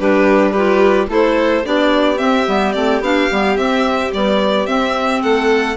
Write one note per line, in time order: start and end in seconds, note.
0.00 1.09 G3
0.00 0.55 D4
0.00 0.52 G4
0.00 0.53 B4
0.52 1.09 F4
0.52 1.08 G4
0.52 1.07 B4
1.09 1.64 A3
1.09 1.64 E4
1.09 1.65 A4
1.09 1.66 C5
1.64 2.21 B3
1.64 2.17 D4
1.64 5.23 G4
1.64 2.18 D5
2.17 2.44 C4
2.17 2.48 C4
2.17 2.73 E5
2.47 2.75 G3
2.47 2.75 B3
2.73 3.01 A3
2.73 3.02 C4
2.73 3.00 D5
3.01 3.28 B3
3.01 3.31 D4
3.01 3.57 F5
3.31 3.57 G3
3.31 3.58 B3
3.57 4.12 C4
3.57 4.11 C4
3.57 4.12 E5
4.11 4.66 G3
4.11 4.67 B3
4.11 4.67 D5
4.67 5.22 C4
4.67 5.77 C4
4.67 5.22 E5
5.23 5.77 A3
5.23 5.77 A4
5.23 5.77 F#5